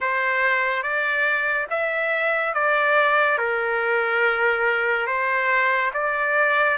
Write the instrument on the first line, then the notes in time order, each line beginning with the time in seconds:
trumpet
0.00 C5
0.82 D5
1.70 E5
2.54 D5
3.38 A#4
5.06 C5
5.93 D5